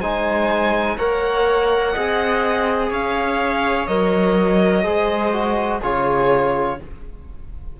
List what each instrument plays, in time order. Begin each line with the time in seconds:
0.00 cello G#3, trombone D#4, viola C5, violin G#5
0.97 cello A#3, trombone A#4, viola C#5, violin F#5
1.93 cello C4, trombone G#4, viola D#5
2.90 cello C#4, viola C#5, violin F5
3.86 cello F#3, trombone A#4, violin D#5
4.83 cello G#3, trombone G#4, viola C5
5.32 trombone F#4
5.80 cello C#3, trombone F4, viola G#4, violin C#5